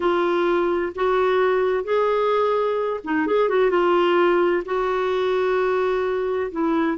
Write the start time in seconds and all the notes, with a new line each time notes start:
0.00 F4
0.95 F#4
1.84 G#4
3.04 D#4
3.26 G#4
3.49 F#4
3.70 F4
4.65 F#4
6.51 E4